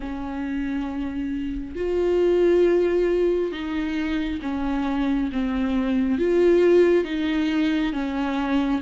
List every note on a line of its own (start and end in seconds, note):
0.00 1.75 C#4
1.75 3.51 F4
3.51 4.40 D#4
4.42 5.30 C#4
5.31 6.18 C4
6.18 7.04 F4
7.04 7.92 D#4
7.93 8.81 C#4